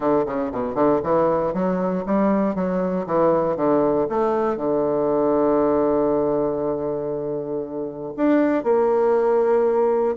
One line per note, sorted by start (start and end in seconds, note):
0.00 0.25 D3
0.26 0.51 C#3
0.52 0.75 B2
0.75 1.00 D3
1.03 1.53 E3
1.53 2.04 F#3
2.05 2.55 G3
2.55 3.06 F#3
3.06 3.56 E3
3.56 4.07 D3
4.09 4.56 A3
4.56 8.12 D3
8.16 8.63 D4
8.63 10.16 A#3